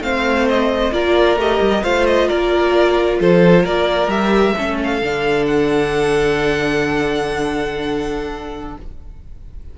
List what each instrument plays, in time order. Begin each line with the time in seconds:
0.00 cello A3, viola C4, violin C5 F5
0.49 violin D#5
0.93 cello A#3, viola F4, violin A#4 D5
1.36 cello A3, viola G4, violin D#5
1.61 cello G3
1.83 cello A3, viola F4, violin C5 F5
2.06 violin D#5
2.28 cello A#3, violin A#4 D5
3.20 cello F3, violin A4 C5
3.64 cello A#3, violin A#4 D5
4.07 cello G3, viola G4, violin E5
4.57 cello A3, viola C#4, violin A4
4.84 violin F5
5.02 cello D3, viola D4
5.46 violin F#5